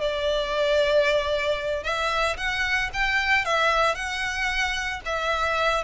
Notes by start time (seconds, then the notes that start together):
0.00 D5
1.83 E5
2.37 F#5
2.93 G5
3.44 E5
3.94 F#5
5.05 E5